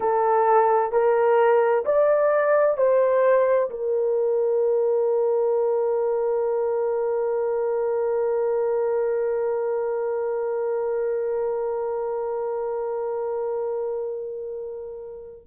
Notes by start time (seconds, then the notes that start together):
0.00 A4
0.92 A#4
1.85 D5
2.77 C5
3.69 A#4